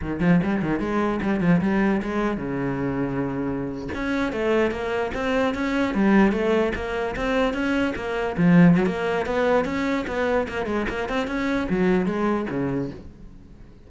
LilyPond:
\new Staff \with { instrumentName = "cello" } { \time 4/4 \tempo 4 = 149 dis8 f8 g8 dis8 gis4 g8 f8 | g4 gis4 cis2~ | cis4.~ cis16 cis'4 a4 ais16~ | ais8. c'4 cis'4 g4 a16~ |
a8. ais4 c'4 cis'4 ais16~ | ais8. f4 fis16 ais4 b4 | cis'4 b4 ais8 gis8 ais8 c'8 | cis'4 fis4 gis4 cis4 | }